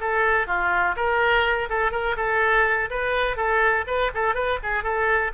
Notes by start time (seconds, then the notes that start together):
0.00 A4
0.47 F4
0.96 A#4
1.69 A4
1.92 A#4
2.17 A4
2.90 B4
3.37 A4
3.87 B4
4.14 A4
4.34 B4
4.63 G#4
4.83 A4